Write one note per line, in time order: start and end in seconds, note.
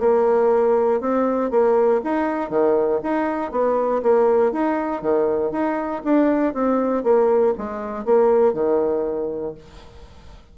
0.00 1.01 A#3
1.01 1.51 C4
1.51 2.01 A#3
2.04 2.50 D#4
2.50 3.00 D#3
3.03 3.52 D#4
3.52 4.02 B3
4.03 4.52 A#3
4.52 5.02 D#4
5.02 5.52 D#3
5.52 6.02 D#4
6.04 6.54 D4
6.54 7.04 C4
7.04 7.54 A#3
7.58 8.05 G#3
8.05 8.54 A#3
8.54 9.55 D#3